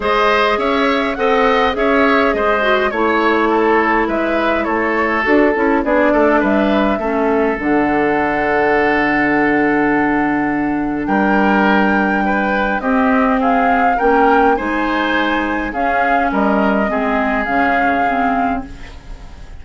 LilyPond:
<<
  \new Staff \with { instrumentName = "flute" } { \time 4/4 \tempo 4 = 103 dis''4 e''4 fis''4 e''4 | dis''4 cis''2 e''4 | cis''4 a'4 d''4 e''4~ | e''4 fis''2.~ |
fis''2. g''4~ | g''2 dis''4 f''4 | g''4 gis''2 f''4 | dis''2 f''2 | }
  \new Staff \with { instrumentName = "oboe" } { \time 4/4 c''4 cis''4 dis''4 cis''4 | c''4 cis''4 a'4 b'4 | a'2 gis'8 a'8 b'4 | a'1~ |
a'2. ais'4~ | ais'4 b'4 g'4 gis'4 | ais'4 c''2 gis'4 | ais'4 gis'2. | }
  \new Staff \with { instrumentName = "clarinet" } { \time 4/4 gis'2 a'4 gis'4~ | gis'8 fis'8 e'2.~ | e'4 fis'8 e'8 d'2 | cis'4 d'2.~ |
d'1~ | d'2 c'2 | cis'4 dis'2 cis'4~ | cis'4 c'4 cis'4 c'4 | }
  \new Staff \with { instrumentName = "bassoon" } { \time 4/4 gis4 cis'4 c'4 cis'4 | gis4 a2 gis4 | a4 d'8 cis'8 b8 a8 g4 | a4 d2.~ |
d2. g4~ | g2 c'2 | ais4 gis2 cis'4 | g4 gis4 cis2 | }
>>